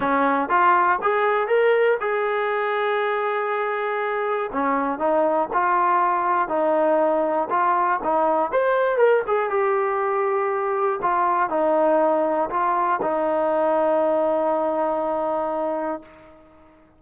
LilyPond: \new Staff \with { instrumentName = "trombone" } { \time 4/4 \tempo 4 = 120 cis'4 f'4 gis'4 ais'4 | gis'1~ | gis'4 cis'4 dis'4 f'4~ | f'4 dis'2 f'4 |
dis'4 c''4 ais'8 gis'8 g'4~ | g'2 f'4 dis'4~ | dis'4 f'4 dis'2~ | dis'1 | }